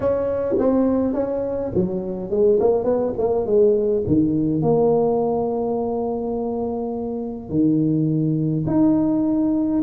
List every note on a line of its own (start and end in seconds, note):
0.00 0.55 C#4
0.58 1.13 C4
1.13 1.71 C#4
1.74 2.30 F#3
2.30 2.59 G#3
2.60 2.84 A#3
2.84 3.13 B3
3.18 3.46 A#3
3.46 4.03 G#3
4.06 4.62 D#3
4.62 7.49 A#3
7.49 8.65 D#3
8.67 9.82 D#4